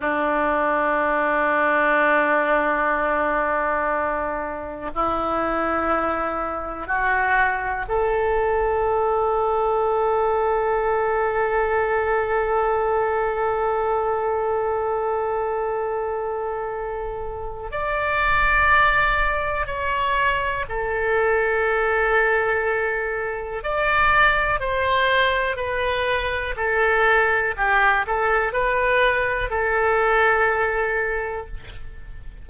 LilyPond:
\new Staff \with { instrumentName = "oboe" } { \time 4/4 \tempo 4 = 61 d'1~ | d'4 e'2 fis'4 | a'1~ | a'1~ |
a'2 d''2 | cis''4 a'2. | d''4 c''4 b'4 a'4 | g'8 a'8 b'4 a'2 | }